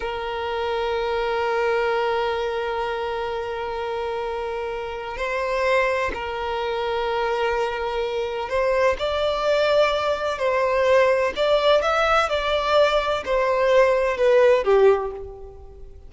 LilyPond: \new Staff \with { instrumentName = "violin" } { \time 4/4 \tempo 4 = 127 ais'1~ | ais'1~ | ais'2. c''4~ | c''4 ais'2.~ |
ais'2 c''4 d''4~ | d''2 c''2 | d''4 e''4 d''2 | c''2 b'4 g'4 | }